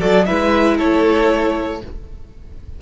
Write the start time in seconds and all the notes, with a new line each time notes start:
0.00 F#3 F#4 A4 D5
0.26 G#3 E4 B4 E5
0.78 A3 A4 C#5